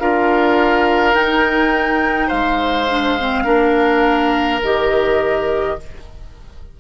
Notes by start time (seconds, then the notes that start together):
0.00 D4 F4 A#4 F5
1.14 D#4 G5
2.28 G#3 C5 F5
2.90 D4
3.19 C4
3.44 A#3 D4 A#4
4.62 D#3 G4 D#5